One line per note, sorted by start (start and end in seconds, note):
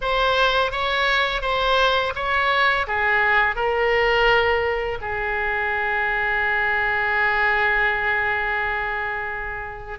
0.01 0.71 C5
0.71 1.41 C#5
1.41 2.13 C5
2.15 2.86 C#5
2.87 3.55 G#4
3.55 4.98 A#4
5.01 9.98 G#4